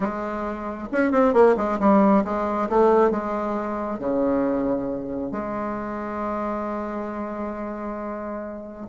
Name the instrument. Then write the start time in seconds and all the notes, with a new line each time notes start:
bassoon
0.00 G#3
0.92 C#4
1.11 C4
1.33 A#3
1.56 G#3
1.79 G3
2.24 G#3
2.69 A3
3.11 G#3
3.99 C#3
5.31 G#3